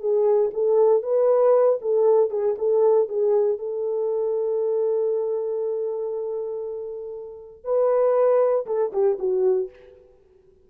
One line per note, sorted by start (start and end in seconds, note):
0.00 0.51 G#4
0.54 1.03 A4
1.03 1.79 B4
1.82 2.30 A4
2.30 2.56 G#4
2.58 3.09 A4
3.09 3.59 G#4
3.59 7.64 A4
7.64 8.66 B4
8.66 8.92 A4
8.93 9.18 G4
9.19 9.70 F#4